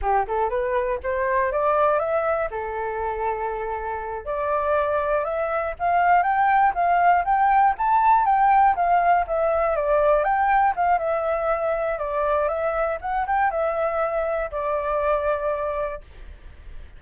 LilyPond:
\new Staff \with { instrumentName = "flute" } { \time 4/4 \tempo 4 = 120 g'8 a'8 b'4 c''4 d''4 | e''4 a'2.~ | a'8 d''2 e''4 f''8~ | f''8 g''4 f''4 g''4 a''8~ |
a''8 g''4 f''4 e''4 d''8~ | d''8 g''4 f''8 e''2 | d''4 e''4 fis''8 g''8 e''4~ | e''4 d''2. | }